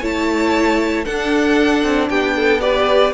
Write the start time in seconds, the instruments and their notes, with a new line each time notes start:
0.00 cello A3, viola E4, violin C#5 A5
1.04 viola D4, cello D4, violin A4 F#5
1.83 cello C4
2.09 cello B3, violin G4 G5
2.35 violin A4
2.60 viola G4, violin B4 D5